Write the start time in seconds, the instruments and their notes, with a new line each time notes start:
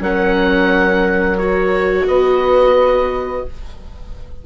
0.00 bassoon F#3, viola C#4, horn A#4, oboe F#5
1.38 viola F#4, oboe C#5
2.07 bassoon B3, horn B4, oboe D#5